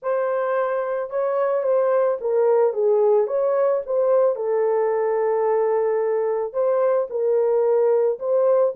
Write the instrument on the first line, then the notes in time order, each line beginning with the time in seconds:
horn
0.02 C5
1.10 C#5
1.63 C5
2.20 A#4
2.73 G#4
3.27 C#5
3.86 C5
4.35 A4
6.53 C5
7.09 A#4
8.19 C5